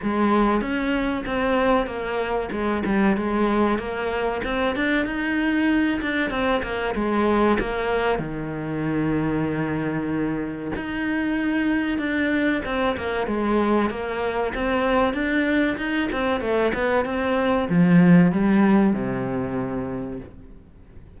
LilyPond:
\new Staff \with { instrumentName = "cello" } { \time 4/4 \tempo 4 = 95 gis4 cis'4 c'4 ais4 | gis8 g8 gis4 ais4 c'8 d'8 | dis'4. d'8 c'8 ais8 gis4 | ais4 dis2.~ |
dis4 dis'2 d'4 | c'8 ais8 gis4 ais4 c'4 | d'4 dis'8 c'8 a8 b8 c'4 | f4 g4 c2 | }